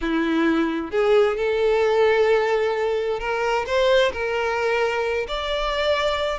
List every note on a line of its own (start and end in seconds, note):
0.01 0.90 E4
0.90 1.36 G#4
1.37 3.19 A4
3.19 3.65 A#4
3.66 4.12 C5
4.12 5.26 A#4
5.28 6.39 D5